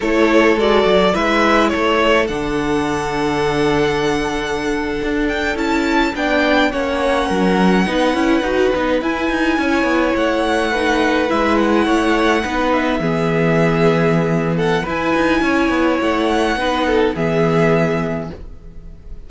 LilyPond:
<<
  \new Staff \with { instrumentName = "violin" } { \time 4/4 \tempo 4 = 105 cis''4 d''4 e''4 cis''4 | fis''1~ | fis''4~ fis''16 g''8 a''4 g''4 fis''16~ | fis''2.~ fis''8. gis''16~ |
gis''4.~ gis''16 fis''2 e''16~ | e''16 fis''2 e''4.~ e''16~ | e''4. fis''8 gis''2 | fis''2 e''2 | }
  \new Staff \with { instrumentName = "violin" } { \time 4/4 a'2 b'4 a'4~ | a'1~ | a'2~ a'8. d''4 cis''16~ | cis''8. ais'4 b'2~ b'16~ |
b'8. cis''2 b'4~ b'16~ | b'8. cis''4 b'4 gis'4~ gis'16~ | gis'4. a'8 b'4 cis''4~ | cis''4 b'8 a'8 gis'2 | }
  \new Staff \with { instrumentName = "viola" } { \time 4/4 e'4 fis'4 e'2 | d'1~ | d'4.~ d'16 e'4 d'4 cis'16~ | cis'4.~ cis'16 dis'8 e'8 fis'8 dis'8 e'16~ |
e'2~ e'8. dis'4 e'16~ | e'4.~ e'16 dis'4 b4~ b16~ | b2 e'2~ | e'4 dis'4 b2 | }
  \new Staff \with { instrumentName = "cello" } { \time 4/4 a4 gis8 fis8 gis4 a4 | d1~ | d8. d'4 cis'4 b4 ais16~ | ais8. fis4 b8 cis'8 dis'8 b8 e'16~ |
e'16 dis'8 cis'8 b8 a2 gis16~ | gis8. a4 b4 e4~ e16~ | e2 e'8 dis'8 cis'8 b8 | a4 b4 e2 | }
>>